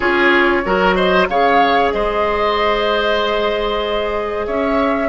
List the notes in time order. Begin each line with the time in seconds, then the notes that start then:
0.00 C#4 F4 G#4 C#5
0.64 F#3 F#4 A#4
0.94 C5 D#5
1.28 C#3 G#4 C#5 F5
1.91 G#3 C5 D#5
4.46 C#4 C#5 E5